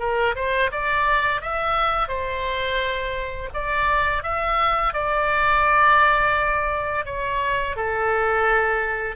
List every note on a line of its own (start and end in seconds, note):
0.00 0.35 A#4
0.36 0.71 C5
0.72 1.42 D5
1.42 2.09 E5
2.09 3.50 C5
3.54 4.24 D5
4.24 4.94 E5
4.94 7.06 D5
7.06 7.76 C#5
7.76 9.16 A4